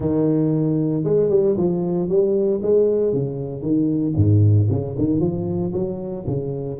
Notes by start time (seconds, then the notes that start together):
0.00 D#3
1.03 G#3
1.29 G3
1.57 F3
2.09 G3
2.62 G#3
3.13 C#3
3.61 D#3
4.16 G#2
4.70 C#3
4.98 D#3
5.20 F3
5.73 F#3
6.27 C#3